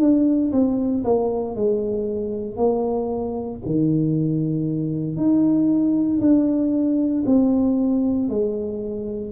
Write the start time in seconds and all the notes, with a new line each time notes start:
0.00 D4
0.52 C4
1.04 A#3
1.56 G#3
2.56 A#3
3.65 D#3
5.16 D#4
6.20 D4
7.26 C4
8.29 G#3